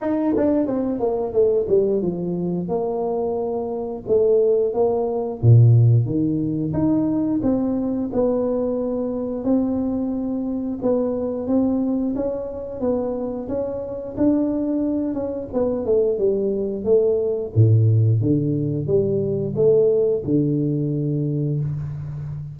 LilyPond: \new Staff \with { instrumentName = "tuba" } { \time 4/4 \tempo 4 = 89 dis'8 d'8 c'8 ais8 a8 g8 f4 | ais2 a4 ais4 | ais,4 dis4 dis'4 c'4 | b2 c'2 |
b4 c'4 cis'4 b4 | cis'4 d'4. cis'8 b8 a8 | g4 a4 a,4 d4 | g4 a4 d2 | }